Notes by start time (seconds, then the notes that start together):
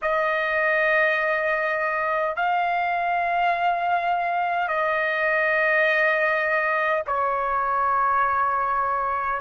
0.02 D#5
2.36 F5
4.67 D#5
7.06 C#5